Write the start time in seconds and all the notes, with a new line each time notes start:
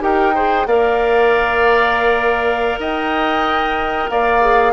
0.00 D#4 G4 A#4 G5
0.34 G#4 C5
0.66 A#3 A#4 D5 F5
2.78 D#4 D#5 G5
4.09 A#3 D5 F5
4.41 G#4